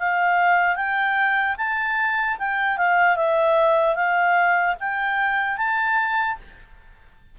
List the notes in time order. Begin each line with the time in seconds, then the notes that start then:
0.00 F5
0.76 G5
1.58 A5
2.39 G5
2.78 F5
3.17 E5
3.96 F5
4.80 G5
5.58 A5